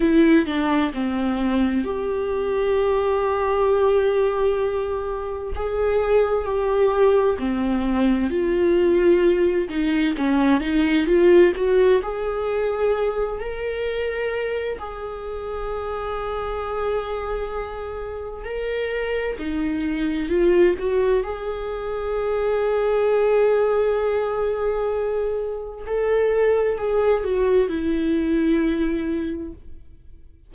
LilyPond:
\new Staff \with { instrumentName = "viola" } { \time 4/4 \tempo 4 = 65 e'8 d'8 c'4 g'2~ | g'2 gis'4 g'4 | c'4 f'4. dis'8 cis'8 dis'8 | f'8 fis'8 gis'4. ais'4. |
gis'1 | ais'4 dis'4 f'8 fis'8 gis'4~ | gis'1 | a'4 gis'8 fis'8 e'2 | }